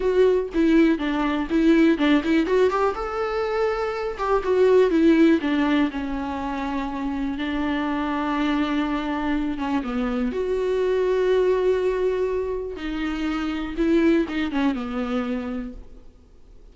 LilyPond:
\new Staff \with { instrumentName = "viola" } { \time 4/4 \tempo 4 = 122 fis'4 e'4 d'4 e'4 | d'8 e'8 fis'8 g'8 a'2~ | a'8 g'8 fis'4 e'4 d'4 | cis'2. d'4~ |
d'2.~ d'8 cis'8 | b4 fis'2.~ | fis'2 dis'2 | e'4 dis'8 cis'8 b2 | }